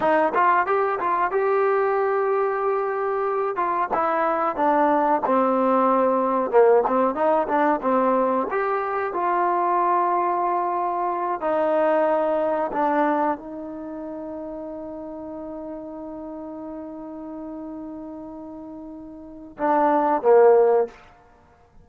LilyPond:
\new Staff \with { instrumentName = "trombone" } { \time 4/4 \tempo 4 = 92 dis'8 f'8 g'8 f'8 g'2~ | g'4. f'8 e'4 d'4 | c'2 ais8 c'8 dis'8 d'8 | c'4 g'4 f'2~ |
f'4. dis'2 d'8~ | d'8 dis'2.~ dis'8~ | dis'1~ | dis'2 d'4 ais4 | }